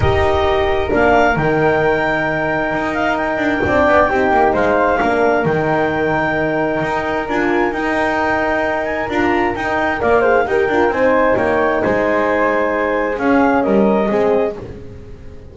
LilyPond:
<<
  \new Staff \with { instrumentName = "clarinet" } { \time 4/4 \tempo 4 = 132 dis''2 f''4 g''4~ | g''2~ g''8 f''8 g''4~ | g''2 f''2 | g''1 |
gis''4 g''2~ g''8 gis''8 | ais''4 g''4 f''4 g''4 | gis''4 g''4 gis''2~ | gis''4 f''4 dis''2 | }
  \new Staff \with { instrumentName = "flute" } { \time 4/4 ais'1~ | ais'1 | d''4 g'4 c''4 ais'4~ | ais'1~ |
ais'1~ | ais'2 d''8 c''8 ais'4 | c''4 cis''4 c''2~ | c''4 gis'4 ais'4 gis'4 | }
  \new Staff \with { instrumentName = "horn" } { \time 4/4 g'2 d'4 dis'4~ | dis'1 | d'4 dis'2 d'4 | dis'1 |
f'4 dis'2. | f'4 dis'4 ais'8 gis'8 g'8 f'8 | dis'1~ | dis'4 cis'2 c'4 | }
  \new Staff \with { instrumentName = "double bass" } { \time 4/4 dis'2 ais4 dis4~ | dis2 dis'4. d'8 | c'8 b8 c'8 ais8 gis4 ais4 | dis2. dis'4 |
d'4 dis'2. | d'4 dis'4 ais4 dis'8 d'8 | c'4 ais4 gis2~ | gis4 cis'4 g4 gis4 | }
>>